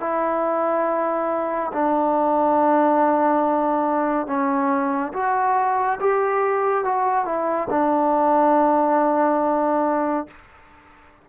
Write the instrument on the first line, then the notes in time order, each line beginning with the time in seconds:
trombone
0.00 E4
1.72 D4
4.27 C#4
5.13 F#4
6.00 G4
6.84 F#4
7.25 E4
7.70 D4